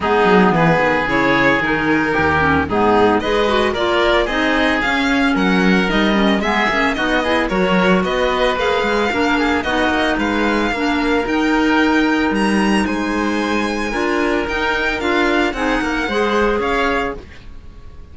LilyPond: <<
  \new Staff \with { instrumentName = "violin" } { \time 4/4 \tempo 4 = 112 gis'4 b'4 cis''4 ais'4~ | ais'4 gis'4 dis''4 d''4 | dis''4 f''4 fis''4 dis''4 | e''4 dis''4 cis''4 dis''4 |
f''2 dis''4 f''4~ | f''4 g''2 ais''4 | gis''2. g''4 | f''4 fis''2 f''4 | }
  \new Staff \with { instrumentName = "oboe" } { \time 4/4 dis'4 gis'2. | g'4 dis'4 b'4 ais'4 | gis'2 ais'2 | gis'4 fis'8 gis'8 ais'4 b'4~ |
b'4 ais'8 gis'8 fis'4 b'4 | ais'1 | c''2 ais'2~ | ais'4 gis'8 ais'8 c''4 cis''4 | }
  \new Staff \with { instrumentName = "clarinet" } { \time 4/4 b2 e'4 dis'4~ | dis'8 cis'8 b4 gis'8 fis'8 f'4 | dis'4 cis'2 dis'8 cis'8 | b8 cis'8 dis'8 e'8 fis'2 |
gis'4 d'4 dis'2 | d'4 dis'2.~ | dis'2 f'4 dis'4 | f'4 dis'4 gis'2 | }
  \new Staff \with { instrumentName = "cello" } { \time 4/4 gis8 fis8 e8 dis8 cis4 dis4 | dis,4 gis,4 gis4 ais4 | c'4 cis'4 fis4 g4 | gis8 ais8 b4 fis4 b4 |
ais8 gis8 ais4 b8 ais8 gis4 | ais4 dis'2 g4 | gis2 d'4 dis'4 | d'4 c'8 ais8 gis4 cis'4 | }
>>